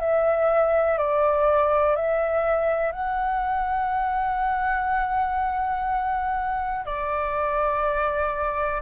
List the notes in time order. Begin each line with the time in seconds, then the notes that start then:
0.00 E5
0.98 D5
1.96 E5
2.92 F#5
6.85 D5